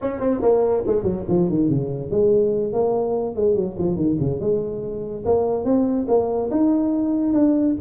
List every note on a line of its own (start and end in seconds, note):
0.01 0.20 C#4
0.20 0.41 C4
0.41 0.83 A#3
0.86 1.03 G#3
1.03 1.24 F#3
1.28 1.49 F3
1.49 1.69 D#3
1.69 2.11 C#3
2.11 2.73 G#3
2.73 3.35 A#3
3.35 3.55 G#3
3.55 3.76 F#3
3.78 3.96 F3
3.96 4.17 D#3
4.20 4.39 C#3
4.39 5.23 G#3
5.25 5.64 A#3
5.64 6.06 C4
6.08 6.50 A#3
6.50 7.33 D#4
7.33 7.75 D4